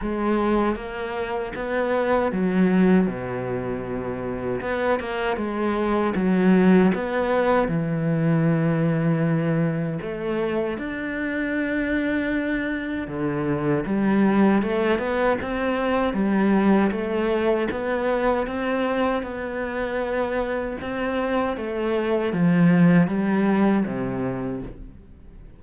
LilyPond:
\new Staff \with { instrumentName = "cello" } { \time 4/4 \tempo 4 = 78 gis4 ais4 b4 fis4 | b,2 b8 ais8 gis4 | fis4 b4 e2~ | e4 a4 d'2~ |
d'4 d4 g4 a8 b8 | c'4 g4 a4 b4 | c'4 b2 c'4 | a4 f4 g4 c4 | }